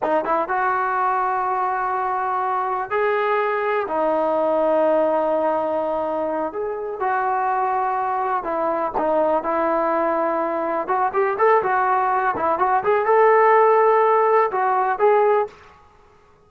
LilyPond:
\new Staff \with { instrumentName = "trombone" } { \time 4/4 \tempo 4 = 124 dis'8 e'8 fis'2.~ | fis'2 gis'2 | dis'1~ | dis'4. gis'4 fis'4.~ |
fis'4. e'4 dis'4 e'8~ | e'2~ e'8 fis'8 g'8 a'8 | fis'4. e'8 fis'8 gis'8 a'4~ | a'2 fis'4 gis'4 | }